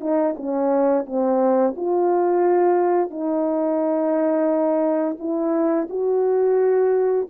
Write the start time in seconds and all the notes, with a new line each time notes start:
0.00 D#4
0.36 C#4
1.05 C4
1.76 F4
3.10 D#4
5.19 E4
5.89 F#4